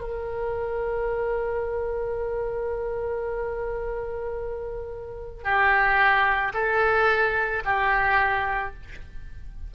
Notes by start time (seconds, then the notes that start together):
0.00 A#4
5.43 G4
6.54 A4
7.65 G4